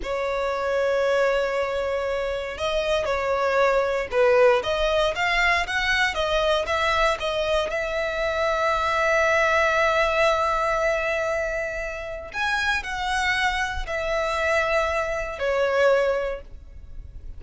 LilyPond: \new Staff \with { instrumentName = "violin" } { \time 4/4 \tempo 4 = 117 cis''1~ | cis''4 dis''4 cis''2 | b'4 dis''4 f''4 fis''4 | dis''4 e''4 dis''4 e''4~ |
e''1~ | e''1 | gis''4 fis''2 e''4~ | e''2 cis''2 | }